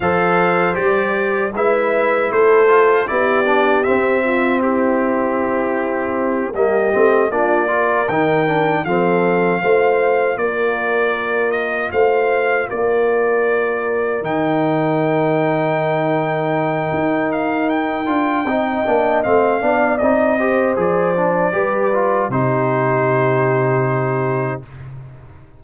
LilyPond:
<<
  \new Staff \with { instrumentName = "trumpet" } { \time 4/4 \tempo 4 = 78 f''4 d''4 e''4 c''4 | d''4 e''4 g'2~ | g'8 dis''4 d''4 g''4 f''8~ | f''4. d''4. dis''8 f''8~ |
f''8 d''2 g''4.~ | g''2~ g''8 f''8 g''4~ | g''4 f''4 dis''4 d''4~ | d''4 c''2. | }
  \new Staff \with { instrumentName = "horn" } { \time 4/4 c''2 b'4 a'4 | g'4. f'8 e'2~ | e'8 g'4 f'8 ais'4. a'8~ | a'8 c''4 ais'2 c''8~ |
c''8 ais'2.~ ais'8~ | ais'1 | dis''4. d''4 c''4. | b'4 g'2. | }
  \new Staff \with { instrumentName = "trombone" } { \time 4/4 a'4 g'4 e'4. f'8 | e'8 d'8 c'2.~ | c'8 ais8 c'8 d'8 f'8 dis'8 d'8 c'8~ | c'8 f'2.~ f'8~ |
f'2~ f'8 dis'4.~ | dis'2.~ dis'8 f'8 | dis'8 d'8 c'8 d'8 dis'8 g'8 gis'8 d'8 | g'8 f'8 dis'2. | }
  \new Staff \with { instrumentName = "tuba" } { \time 4/4 f4 g4 gis4 a4 | b4 c'2.~ | c'8 g8 a8 ais4 dis4 f8~ | f8 a4 ais2 a8~ |
a8 ais2 dis4.~ | dis2 dis'4. d'8 | c'8 ais8 a8 b8 c'4 f4 | g4 c2. | }
>>